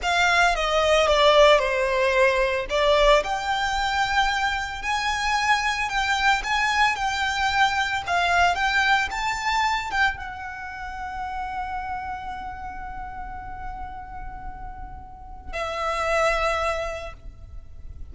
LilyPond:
\new Staff \with { instrumentName = "violin" } { \time 4/4 \tempo 4 = 112 f''4 dis''4 d''4 c''4~ | c''4 d''4 g''2~ | g''4 gis''2 g''4 | gis''4 g''2 f''4 |
g''4 a''4. g''8 fis''4~ | fis''1~ | fis''1~ | fis''4 e''2. | }